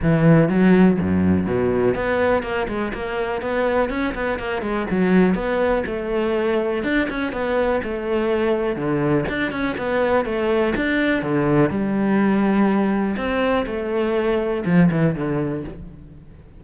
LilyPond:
\new Staff \with { instrumentName = "cello" } { \time 4/4 \tempo 4 = 123 e4 fis4 fis,4 b,4 | b4 ais8 gis8 ais4 b4 | cis'8 b8 ais8 gis8 fis4 b4 | a2 d'8 cis'8 b4 |
a2 d4 d'8 cis'8 | b4 a4 d'4 d4 | g2. c'4 | a2 f8 e8 d4 | }